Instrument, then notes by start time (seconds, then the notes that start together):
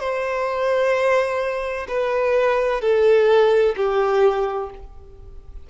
violin
0.00 C5
1.88 B4
2.82 A4
3.77 G4